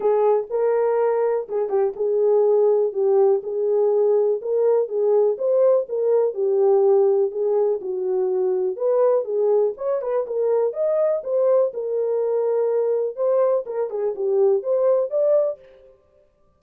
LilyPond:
\new Staff \with { instrumentName = "horn" } { \time 4/4 \tempo 4 = 123 gis'4 ais'2 gis'8 g'8 | gis'2 g'4 gis'4~ | gis'4 ais'4 gis'4 c''4 | ais'4 g'2 gis'4 |
fis'2 b'4 gis'4 | cis''8 b'8 ais'4 dis''4 c''4 | ais'2. c''4 | ais'8 gis'8 g'4 c''4 d''4 | }